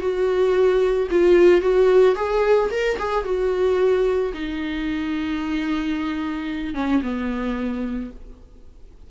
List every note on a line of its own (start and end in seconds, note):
0.00 1.08 F#4
1.11 1.61 F4
1.61 2.15 F#4
2.16 2.70 G#4
2.71 2.98 A#4
2.99 3.25 G#4
3.25 4.33 F#4
4.34 6.75 D#4
6.75 7.02 C#4
7.02 8.11 B3